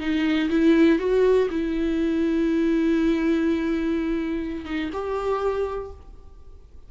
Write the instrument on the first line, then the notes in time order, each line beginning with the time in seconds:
viola
0.00 D#4
0.49 E4
0.99 F#4
1.50 E4
4.65 D#4
4.93 G4